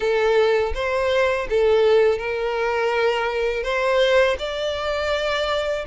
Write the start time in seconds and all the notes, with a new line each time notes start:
0.00 A4
0.74 C5
1.49 A4
2.18 A#4
3.63 C5
4.39 D5